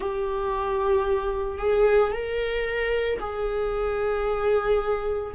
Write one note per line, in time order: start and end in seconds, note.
0.00 1.58 G4
1.58 2.12 G#4
2.12 3.19 A#4
3.19 5.33 G#4